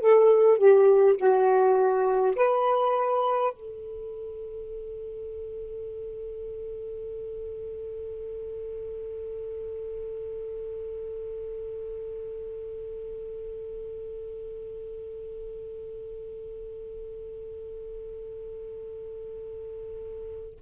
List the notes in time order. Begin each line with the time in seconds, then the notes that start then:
0.00 A4
0.57 G4
1.17 F#4
2.35 B4
3.52 A4